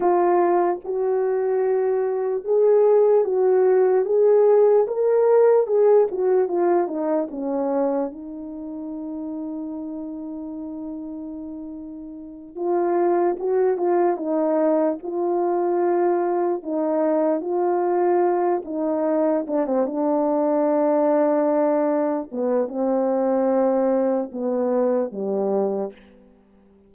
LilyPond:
\new Staff \with { instrumentName = "horn" } { \time 4/4 \tempo 4 = 74 f'4 fis'2 gis'4 | fis'4 gis'4 ais'4 gis'8 fis'8 | f'8 dis'8 cis'4 dis'2~ | dis'2.~ dis'8 f'8~ |
f'8 fis'8 f'8 dis'4 f'4.~ | f'8 dis'4 f'4. dis'4 | d'16 c'16 d'2. b8 | c'2 b4 g4 | }